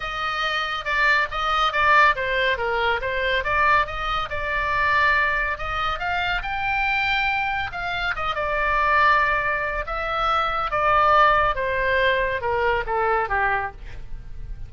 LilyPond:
\new Staff \with { instrumentName = "oboe" } { \time 4/4 \tempo 4 = 140 dis''2 d''4 dis''4 | d''4 c''4 ais'4 c''4 | d''4 dis''4 d''2~ | d''4 dis''4 f''4 g''4~ |
g''2 f''4 dis''8 d''8~ | d''2. e''4~ | e''4 d''2 c''4~ | c''4 ais'4 a'4 g'4 | }